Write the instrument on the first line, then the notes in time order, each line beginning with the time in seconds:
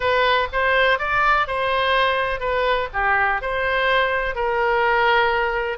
oboe
0.00 B4
0.52 C5
0.98 D5
1.47 C5
2.40 B4
2.93 G4
3.41 C5
4.35 A#4